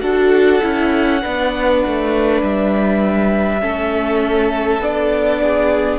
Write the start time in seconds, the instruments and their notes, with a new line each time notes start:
0.00 cello D4, viola F#4, violin A4 F#5
0.62 cello C#4, viola E4
1.22 cello B3, viola D4, violin B4
1.86 cello A3
2.42 cello G3, violin E5
3.61 cello A3, viola C#4, violin A4
4.79 cello B3, viola D4, violin D5
5.42 violin G#4